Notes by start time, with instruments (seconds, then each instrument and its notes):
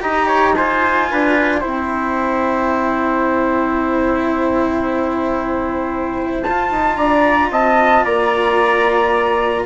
0.00 bassoon D#4, cello G4, trumpet D#5, flute A#5
0.27 trumpet C#5
0.54 cello F4, trumpet C5, flute G#5
1.10 bassoon D4, trumpet B4
1.60 bassoon C4, cello E4, trumpet C5, flute G5
6.42 bassoon F4, cello F4, flute A5
6.70 bassoon D#4
6.96 bassoon D4, trumpet D5, flute A#5
7.51 bassoon C4, trumpet D#5, flute A5
8.04 bassoon A#3, trumpet D5, flute A#5